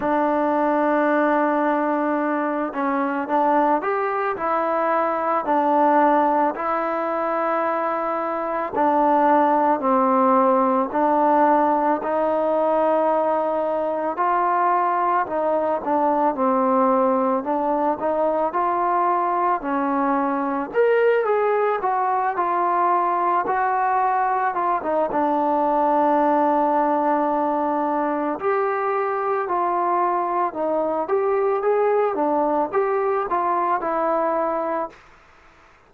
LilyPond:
\new Staff \with { instrumentName = "trombone" } { \time 4/4 \tempo 4 = 55 d'2~ d'8 cis'8 d'8 g'8 | e'4 d'4 e'2 | d'4 c'4 d'4 dis'4~ | dis'4 f'4 dis'8 d'8 c'4 |
d'8 dis'8 f'4 cis'4 ais'8 gis'8 | fis'8 f'4 fis'4 f'16 dis'16 d'4~ | d'2 g'4 f'4 | dis'8 g'8 gis'8 d'8 g'8 f'8 e'4 | }